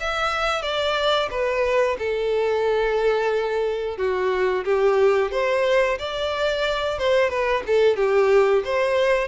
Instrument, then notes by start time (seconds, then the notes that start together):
violin
0.00 E5
0.62 D5
1.30 B4
1.98 A4
3.98 F#4
4.65 G4
5.32 C5
5.98 D5
6.98 C5
7.30 B4
7.66 A4
7.96 G4
8.65 C5